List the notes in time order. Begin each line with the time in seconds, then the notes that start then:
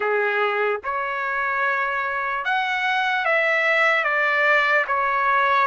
0.00 G#4
0.83 C#5
2.44 F#5
3.25 E5
4.04 D5
4.86 C#5